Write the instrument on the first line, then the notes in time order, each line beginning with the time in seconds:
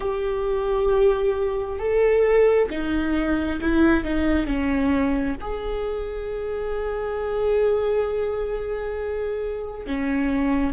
viola
0.00 G4
1.79 A4
2.69 D#4
3.61 E4
4.03 D#4
4.46 C#4
5.40 G#4
9.86 C#4